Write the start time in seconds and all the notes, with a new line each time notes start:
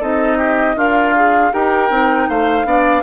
0.00 C4 D#4 A4 D#5
0.38 G4
0.76 D4 F4 A#4 F5
1.16 G#4
1.53 D#4 G4 A#4 G5
1.90 C4 D#4
2.29 A3 C5 F5
2.65 B3 D4 D5